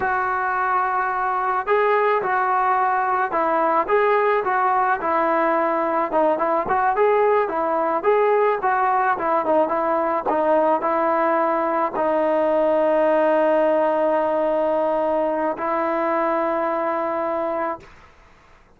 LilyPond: \new Staff \with { instrumentName = "trombone" } { \time 4/4 \tempo 4 = 108 fis'2. gis'4 | fis'2 e'4 gis'4 | fis'4 e'2 dis'8 e'8 | fis'8 gis'4 e'4 gis'4 fis'8~ |
fis'8 e'8 dis'8 e'4 dis'4 e'8~ | e'4. dis'2~ dis'8~ | dis'1 | e'1 | }